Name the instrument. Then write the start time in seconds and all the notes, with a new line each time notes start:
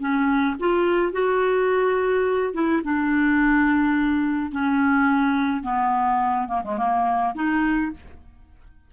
clarinet
0.00 C#4
0.60 F4
1.13 F#4
2.54 E4
2.84 D4
4.52 C#4
5.63 B3
6.48 A#3
6.65 G#3
6.78 A#3
7.36 D#4